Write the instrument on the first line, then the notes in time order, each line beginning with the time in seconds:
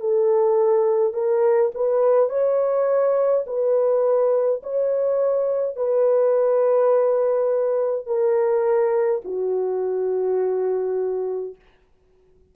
horn
0.00 A4
1.13 A#4
1.74 B4
2.29 C#5
3.46 B4
4.63 C#5
5.76 B4
8.06 A#4
9.24 F#4